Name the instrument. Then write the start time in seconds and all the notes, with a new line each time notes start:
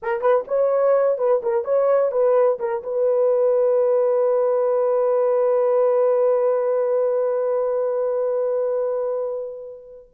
horn
0.02 A#4
0.21 B4
0.47 C#5
1.18 B4
1.42 A#4
1.64 C#5
2.11 B4
2.59 A#4
2.83 B4